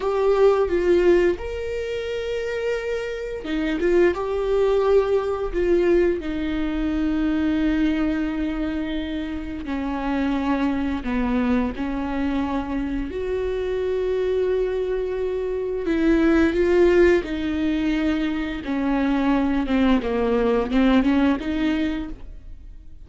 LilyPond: \new Staff \with { instrumentName = "viola" } { \time 4/4 \tempo 4 = 87 g'4 f'4 ais'2~ | ais'4 dis'8 f'8 g'2 | f'4 dis'2.~ | dis'2 cis'2 |
b4 cis'2 fis'4~ | fis'2. e'4 | f'4 dis'2 cis'4~ | cis'8 c'8 ais4 c'8 cis'8 dis'4 | }